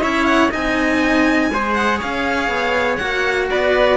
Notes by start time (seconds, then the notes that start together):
0.00 C#4 E4 C#5 E5
0.26 F#5
0.51 C4 D#4 D#5 G#5
1.50 G#3 G#4 C5
1.74 F#5
1.98 C#4 C#5 F5
2.48 B3
2.96 A#3 F#4 F#5
3.50 B3 B4 D5